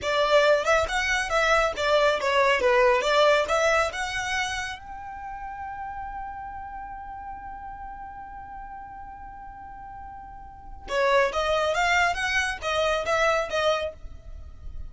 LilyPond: \new Staff \with { instrumentName = "violin" } { \time 4/4 \tempo 4 = 138 d''4. e''8 fis''4 e''4 | d''4 cis''4 b'4 d''4 | e''4 fis''2 g''4~ | g''1~ |
g''1~ | g''1~ | g''4 cis''4 dis''4 f''4 | fis''4 dis''4 e''4 dis''4 | }